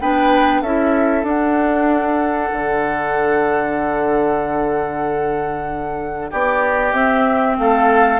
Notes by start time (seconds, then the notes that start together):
0.00 B3 D4 B4 G5
0.61 C#4 E4 A4 E5
1.23 D4 F#5
2.52 D3
6.30 B3 G4 D5
6.92 C4 E5
7.58 A3 A4 F5